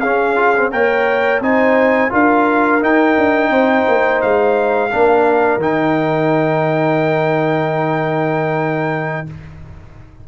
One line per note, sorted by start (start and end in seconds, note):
0.00 0.73 C#4
0.00 0.36 C#4
0.00 0.70 G#4
0.00 0.70 F5
0.36 0.53 F4
0.57 0.71 C4
0.71 1.40 A#3
0.71 1.41 A#4
0.71 1.42 C#5
0.71 1.42 G5
1.40 2.10 C4
1.40 2.10 D#4
1.40 2.11 C5
1.40 2.12 G#5
2.10 2.82 D4
2.10 2.80 F4
2.10 3.51 A#4
2.10 2.83 F5
2.80 4.90 D#4
2.80 3.16 D#4
2.80 4.21 G5
3.17 3.50 D4
3.50 3.85 C4
3.50 4.91 C5
3.88 4.23 A#3
4.21 4.93 G#3
4.21 5.61 F5
4.90 5.57 A#3
4.90 5.60 D4
4.90 9.27 A#4
5.57 9.23 D#3
5.57 9.27 D#4
5.57 9.28 G5